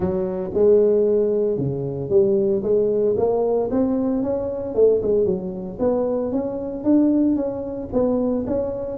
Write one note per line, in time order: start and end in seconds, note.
0.00 0.50 F#3
0.54 1.57 G#3
1.57 2.09 C#3
2.09 2.62 G3
2.62 3.15 G#3
3.17 3.69 A#3
3.70 4.22 C4
4.22 4.74 C#4
4.74 5.01 A3
5.02 5.25 G#3
5.25 5.78 F#3
5.79 6.32 B3
6.32 6.84 C#4
6.84 7.36 D4
7.36 7.88 C#4
7.92 8.45 B3
8.46 8.97 C#4